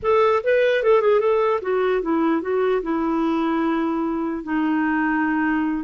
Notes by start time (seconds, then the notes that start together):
0.02 A4
0.43 B4
0.83 A4
1.01 G#4
1.20 A4
1.61 F#4
2.01 E4
2.41 F#4
2.82 E4
4.43 D#4